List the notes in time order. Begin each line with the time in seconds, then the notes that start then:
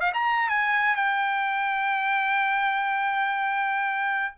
0.00 F5
0.14 A#5
0.49 G#5
0.95 G5